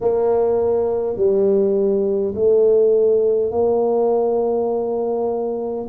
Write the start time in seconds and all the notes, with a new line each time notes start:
0.01 A#3
1.16 G3
2.35 A3
3.51 A#3